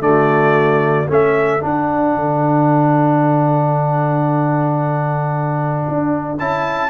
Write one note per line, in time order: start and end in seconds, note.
0.00 1.06 D3
0.00 1.07 A3
0.00 1.08 D5
0.07 1.13 F#4
1.08 1.62 A3
1.08 1.60 C#4
1.08 6.90 A4
1.08 1.64 E5
1.60 6.38 D4
1.60 2.16 D4
1.60 6.39 F#5
2.16 5.87 D3
5.88 6.38 D4
6.38 6.90 C#4
6.38 6.90 E4
6.38 6.90 A5